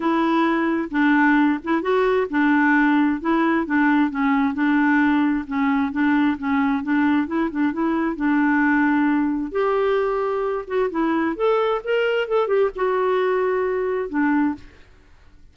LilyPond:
\new Staff \with { instrumentName = "clarinet" } { \time 4/4 \tempo 4 = 132 e'2 d'4. e'8 | fis'4 d'2 e'4 | d'4 cis'4 d'2 | cis'4 d'4 cis'4 d'4 |
e'8 d'8 e'4 d'2~ | d'4 g'2~ g'8 fis'8 | e'4 a'4 ais'4 a'8 g'8 | fis'2. d'4 | }